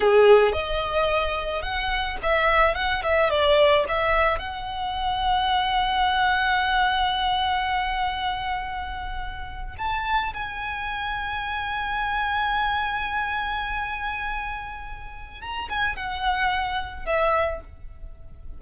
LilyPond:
\new Staff \with { instrumentName = "violin" } { \time 4/4 \tempo 4 = 109 gis'4 dis''2 fis''4 | e''4 fis''8 e''8 d''4 e''4 | fis''1~ | fis''1~ |
fis''4.~ fis''16 a''4 gis''4~ gis''16~ | gis''1~ | gis''1 | ais''8 gis''8 fis''2 e''4 | }